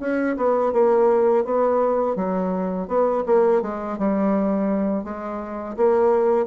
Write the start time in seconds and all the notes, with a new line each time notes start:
0.00 C#4
0.37 B3
0.73 A#3
1.45 B3
2.16 F#3
2.88 B3
3.27 A#3
3.62 G#3
3.98 G3
5.04 G#3
5.77 A#3